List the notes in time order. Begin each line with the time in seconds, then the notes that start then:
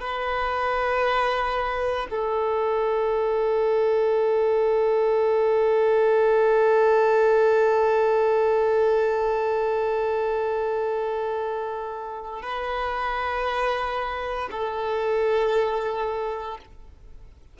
0.00 B4
2.10 A4
12.42 B4
14.51 A4